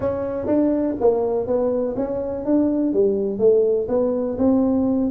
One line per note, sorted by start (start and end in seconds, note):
0.00 0.46 C#4
0.46 0.95 D4
1.00 1.46 A#3
1.46 1.95 B3
1.96 2.45 C#4
2.45 2.93 D4
2.93 3.39 G3
3.39 3.87 A3
3.88 4.37 B3
4.38 5.11 C4